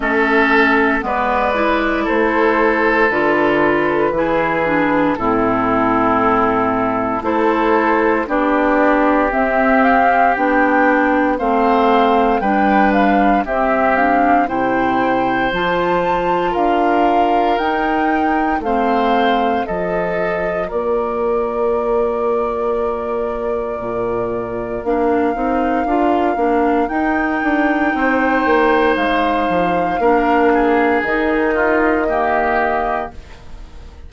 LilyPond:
<<
  \new Staff \with { instrumentName = "flute" } { \time 4/4 \tempo 4 = 58 e''4 d''4 c''4 b'4~ | b'4 a'2 c''4 | d''4 e''8 f''8 g''4 f''4 | g''8 f''8 e''8 f''8 g''4 a''4 |
f''4 g''4 f''4 dis''4 | d''1 | f''2 g''2 | f''2 dis''2 | }
  \new Staff \with { instrumentName = "oboe" } { \time 4/4 a'4 b'4 a'2 | gis'4 e'2 a'4 | g'2. c''4 | b'4 g'4 c''2 |
ais'2 c''4 a'4 | ais'1~ | ais'2. c''4~ | c''4 ais'8 gis'4 f'8 g'4 | }
  \new Staff \with { instrumentName = "clarinet" } { \time 4/4 cis'4 b8 e'4. f'4 | e'8 d'8 c'2 e'4 | d'4 c'4 d'4 c'4 | d'4 c'8 d'8 e'4 f'4~ |
f'4 dis'4 c'4 f'4~ | f'1 | d'8 dis'8 f'8 d'8 dis'2~ | dis'4 d'4 dis'4 ais4 | }
  \new Staff \with { instrumentName = "bassoon" } { \time 4/4 a4 gis4 a4 d4 | e4 a,2 a4 | b4 c'4 b4 a4 | g4 c'4 c4 f4 |
d'4 dis'4 a4 f4 | ais2. ais,4 | ais8 c'8 d'8 ais8 dis'8 d'8 c'8 ais8 | gis8 f8 ais4 dis2 | }
>>